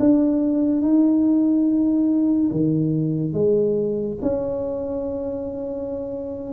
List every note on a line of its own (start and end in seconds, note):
0.00 0.82 D4
0.82 2.51 D#4
2.52 3.34 D#3
3.34 4.18 G#3
4.22 6.53 C#4